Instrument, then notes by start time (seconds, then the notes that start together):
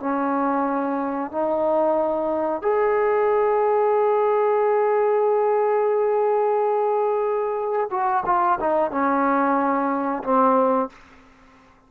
trombone
0.00 C#4
1.32 D#4
2.62 G#4
7.91 F#4
8.26 F4
8.60 D#4
8.91 C#4
10.23 C4